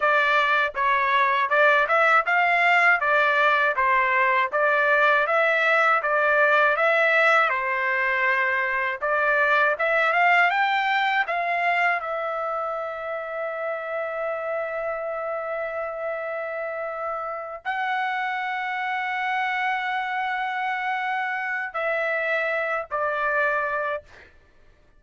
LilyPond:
\new Staff \with { instrumentName = "trumpet" } { \time 4/4 \tempo 4 = 80 d''4 cis''4 d''8 e''8 f''4 | d''4 c''4 d''4 e''4 | d''4 e''4 c''2 | d''4 e''8 f''8 g''4 f''4 |
e''1~ | e''2.~ e''8 fis''8~ | fis''1~ | fis''4 e''4. d''4. | }